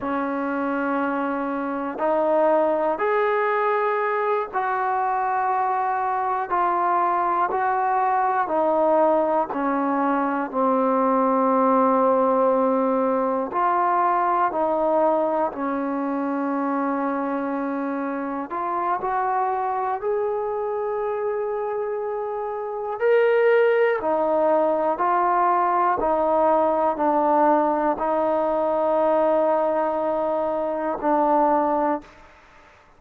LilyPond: \new Staff \with { instrumentName = "trombone" } { \time 4/4 \tempo 4 = 60 cis'2 dis'4 gis'4~ | gis'8 fis'2 f'4 fis'8~ | fis'8 dis'4 cis'4 c'4.~ | c'4. f'4 dis'4 cis'8~ |
cis'2~ cis'8 f'8 fis'4 | gis'2. ais'4 | dis'4 f'4 dis'4 d'4 | dis'2. d'4 | }